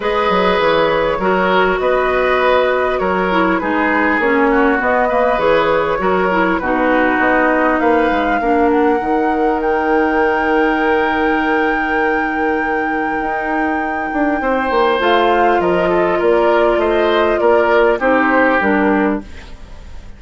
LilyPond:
<<
  \new Staff \with { instrumentName = "flute" } { \time 4/4 \tempo 4 = 100 dis''4 cis''2 dis''4~ | dis''4 cis''4 b'4 cis''4 | dis''4 cis''2 b'4 | dis''4 f''4. fis''4. |
g''1~ | g''1~ | g''4 f''4 dis''4 d''4 | dis''4 d''4 c''4 ais'4 | }
  \new Staff \with { instrumentName = "oboe" } { \time 4/4 b'2 ais'4 b'4~ | b'4 ais'4 gis'4. fis'8~ | fis'8 b'4. ais'4 fis'4~ | fis'4 b'4 ais'2~ |
ais'1~ | ais'1 | c''2 ais'8 a'8 ais'4 | c''4 ais'4 g'2 | }
  \new Staff \with { instrumentName = "clarinet" } { \time 4/4 gis'2 fis'2~ | fis'4. e'8 dis'4 cis'4 | b8 ais8 gis'4 fis'8 e'8 dis'4~ | dis'2 d'4 dis'4~ |
dis'1~ | dis'1~ | dis'4 f'2.~ | f'2 dis'4 d'4 | }
  \new Staff \with { instrumentName = "bassoon" } { \time 4/4 gis8 fis8 e4 fis4 b4~ | b4 fis4 gis4 ais4 | b4 e4 fis4 b,4 | b4 ais8 gis8 ais4 dis4~ |
dis1~ | dis2 dis'4. d'8 | c'8 ais8 a4 f4 ais4 | a4 ais4 c'4 g4 | }
>>